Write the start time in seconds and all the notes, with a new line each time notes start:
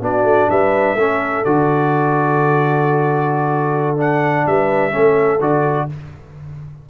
0.00 B3 D4 F#4 D5
0.23 A3
0.49 G3 B4 E5
0.94 A3 C#4 A4
1.45 D3 F#4 D5
3.96 D4 F#5
4.46 G3 B4 E5
4.91 A3 C#4 A4
5.40 D3 F#4 D5